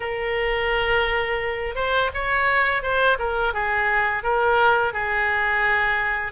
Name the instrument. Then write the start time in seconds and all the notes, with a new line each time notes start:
oboe
0.00 A#4
1.75 C5
2.14 C#5
2.82 C5
3.18 A#4
3.53 G#4
4.23 A#4
4.93 G#4